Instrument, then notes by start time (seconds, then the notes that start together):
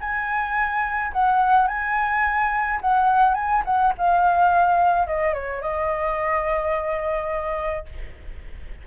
flute
0.00 G#5
1.12 F#5
1.67 G#5
2.81 F#5
3.34 G#5
3.65 F#5
3.97 F5
5.07 D#5
5.33 C#5
5.61 D#5